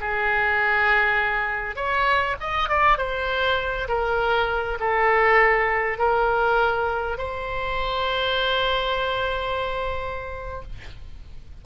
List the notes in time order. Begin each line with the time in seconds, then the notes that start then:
0.00 G#4
1.75 C#5
2.40 D#5
2.69 D5
2.97 C5
3.88 A#4
4.79 A4
5.98 A#4
7.18 C5